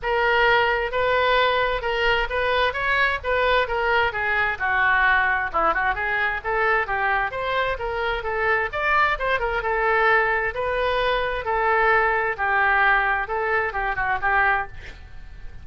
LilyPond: \new Staff \with { instrumentName = "oboe" } { \time 4/4 \tempo 4 = 131 ais'2 b'2 | ais'4 b'4 cis''4 b'4 | ais'4 gis'4 fis'2 | e'8 fis'8 gis'4 a'4 g'4 |
c''4 ais'4 a'4 d''4 | c''8 ais'8 a'2 b'4~ | b'4 a'2 g'4~ | g'4 a'4 g'8 fis'8 g'4 | }